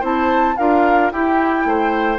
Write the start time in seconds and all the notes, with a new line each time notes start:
0.00 C4 E4 C5 A5
0.57 D4 F4 A#4 F5
1.12 E4 G4 G5
1.65 A3 C5